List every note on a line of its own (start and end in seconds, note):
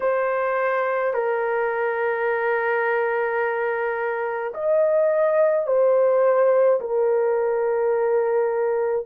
0.00 1.13 C5
1.13 4.53 A#4
4.53 5.66 D#5
5.66 6.79 C5
6.80 9.06 A#4